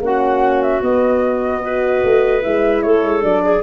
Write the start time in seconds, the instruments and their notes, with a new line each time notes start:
0.00 tuba A#3, horn C#4, clarinet F#4, flute F#5
0.62 flute E5
0.82 tuba B3, horn B3, flute D#5
1.62 horn F#4, clarinet B4
2.04 tuba A3
2.41 tuba G#3, horn E4, flute E5
2.82 tuba A3, clarinet A4, flute C#5
3.03 tuba G#3
3.21 tuba F#3, horn D4, flute D5
3.43 clarinet G#4